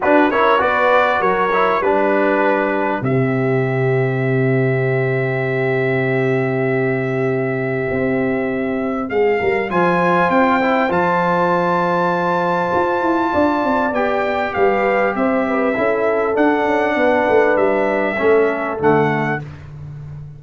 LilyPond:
<<
  \new Staff \with { instrumentName = "trumpet" } { \time 4/4 \tempo 4 = 99 b'8 cis''8 d''4 cis''4 b'4~ | b'4 e''2.~ | e''1~ | e''2. f''4 |
gis''4 g''4 a''2~ | a''2. g''4 | f''4 e''2 fis''4~ | fis''4 e''2 fis''4 | }
  \new Staff \with { instrumentName = "horn" } { \time 4/4 fis'8 ais'8 b'4 ais'4 b'4~ | b'4 g'2.~ | g'1~ | g'2. gis'8 ais'8 |
c''1~ | c''2 d''2 | b'4 c''8 b'8 a'2 | b'2 a'2 | }
  \new Staff \with { instrumentName = "trombone" } { \time 4/4 d'8 e'8 fis'4. e'8 d'4~ | d'4 c'2.~ | c'1~ | c'1 |
f'4. e'8 f'2~ | f'2. g'4~ | g'2 e'4 d'4~ | d'2 cis'4 a4 | }
  \new Staff \with { instrumentName = "tuba" } { \time 4/4 d'8 cis'8 b4 fis4 g4~ | g4 c2.~ | c1~ | c4 c'2 gis8 g8 |
f4 c'4 f2~ | f4 f'8 e'8 d'8 c'8 b4 | g4 c'4 cis'4 d'8 cis'8 | b8 a8 g4 a4 d4 | }
>>